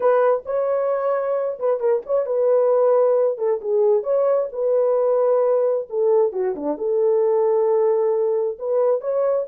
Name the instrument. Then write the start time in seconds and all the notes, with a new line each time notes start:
horn
0.00 B4
0.45 C#5
1.59 B4
1.79 A#4
2.05 C#5
2.26 B4
3.37 A4
3.61 G#4
4.03 C#5
4.52 B4
5.89 A4
6.32 F#4
6.55 D4
6.77 A4
8.58 B4
9.01 C#5